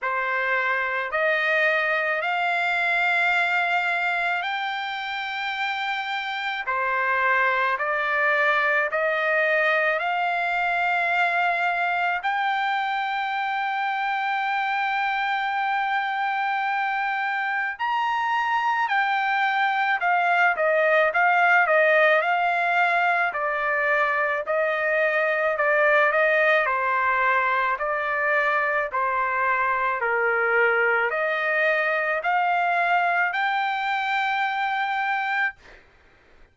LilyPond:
\new Staff \with { instrumentName = "trumpet" } { \time 4/4 \tempo 4 = 54 c''4 dis''4 f''2 | g''2 c''4 d''4 | dis''4 f''2 g''4~ | g''1 |
ais''4 g''4 f''8 dis''8 f''8 dis''8 | f''4 d''4 dis''4 d''8 dis''8 | c''4 d''4 c''4 ais'4 | dis''4 f''4 g''2 | }